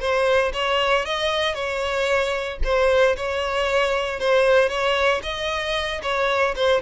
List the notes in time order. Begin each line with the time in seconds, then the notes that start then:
0.00 C5
0.53 C#5
1.05 D#5
1.54 C#5
2.64 C5
3.16 C#5
4.20 C5
4.69 C#5
5.23 D#5
6.02 C#5
6.56 C5